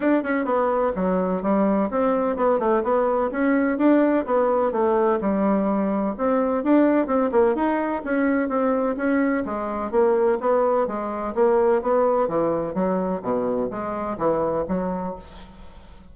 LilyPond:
\new Staff \with { instrumentName = "bassoon" } { \time 4/4 \tempo 4 = 127 d'8 cis'8 b4 fis4 g4 | c'4 b8 a8 b4 cis'4 | d'4 b4 a4 g4~ | g4 c'4 d'4 c'8 ais8 |
dis'4 cis'4 c'4 cis'4 | gis4 ais4 b4 gis4 | ais4 b4 e4 fis4 | b,4 gis4 e4 fis4 | }